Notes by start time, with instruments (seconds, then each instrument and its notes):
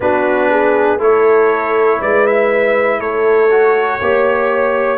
0.00 tuba B3, trombone D4, horn F#4, trumpet B4
0.49 horn G#4
0.98 tuba A3, trombone E4, horn A4, trumpet C#5
2.00 tuba G#3, horn B4, trumpet D5
2.26 trumpet E5
2.99 tuba A3, horn A4, trumpet C#5
3.50 trombone F#4
4.00 tuba A#3, trombone G4, horn C#5